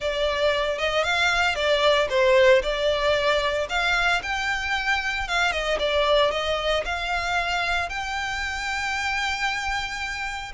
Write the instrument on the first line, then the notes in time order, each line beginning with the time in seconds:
violin
0.00 D5
0.78 D#5
1.03 F5
1.55 D5
2.09 C5
2.62 D5
3.69 F5
4.22 G5
5.28 F5
5.51 D#5
5.79 D5
6.31 D#5
6.85 F5
7.89 G5